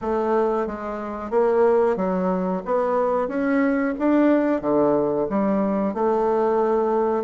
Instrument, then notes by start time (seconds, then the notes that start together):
bassoon
0.01 A3
0.66 G#3
1.30 A#3
1.96 F#3
2.65 B3
3.28 C#4
3.98 D4
4.61 D3
5.29 G3
5.94 A3